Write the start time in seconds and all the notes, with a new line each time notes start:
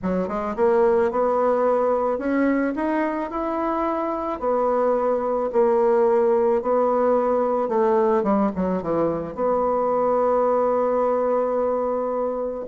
0.02 F#3
0.28 G#3
0.56 A#3
1.11 B3
2.18 C#4
2.75 D#4
3.30 E4
4.39 B3
5.52 A#3
6.62 B3
7.68 A3
8.23 G3
8.55 F#3
8.82 E3
9.35 B3